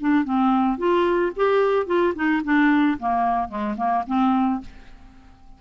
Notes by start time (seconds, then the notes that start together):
0.00 D4
0.24 C4
0.78 F4
1.36 G4
1.86 F4
2.15 D#4
2.44 D4
2.99 A#3
3.48 G#3
3.77 A#3
4.07 C4